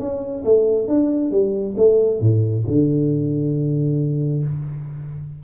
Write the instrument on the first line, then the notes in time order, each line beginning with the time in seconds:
tuba
0.00 C#4
0.45 A3
0.88 D4
1.32 G3
1.77 A3
2.21 A2
2.67 D3